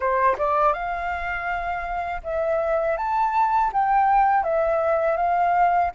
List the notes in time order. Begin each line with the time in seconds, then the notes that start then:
0.00 C5
0.37 D5
0.73 F5
2.23 E5
2.97 A5
3.72 G5
4.43 E5
5.16 F5